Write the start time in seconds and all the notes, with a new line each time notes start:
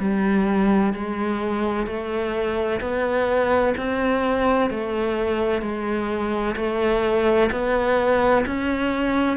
0.00 G3
0.94 G#3
1.87 A3
2.81 B3
3.78 C4
4.70 A3
5.62 G#3
6.57 A3
7.52 B3
8.47 C#4